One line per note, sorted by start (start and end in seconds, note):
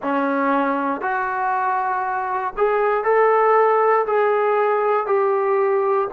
0.02 1.01 C#4
1.01 2.53 F#4
2.57 3.04 G#4
3.04 4.05 A4
4.06 5.06 G#4
5.06 6.07 G4